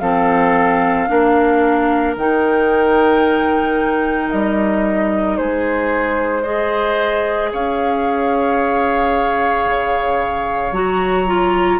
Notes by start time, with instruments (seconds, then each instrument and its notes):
0.00 bassoon F3, clarinet C4, oboe A4, flute F5
1.08 bassoon A#3, clarinet D4, oboe A#4
2.16 bassoon D#3, clarinet D#4, flute G5
4.31 bassoon G3, flute D#5
5.37 bassoon G#3, oboe G#4, flute C5
6.42 clarinet G#4, oboe C5, flute D#5
7.52 bassoon C#4, oboe C#5, flute F5
9.66 bassoon C#3
10.72 bassoon F#3, clarinet F#4, flute A#5
11.27 clarinet F4